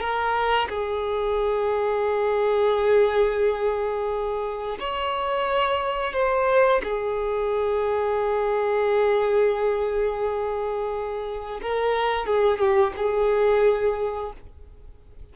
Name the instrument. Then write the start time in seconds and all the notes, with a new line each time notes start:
violin
0.00 A#4
0.69 G#4
4.80 C#5
6.13 C5
6.83 G#4
11.62 A#4
12.26 G#4
12.59 G4
12.96 G#4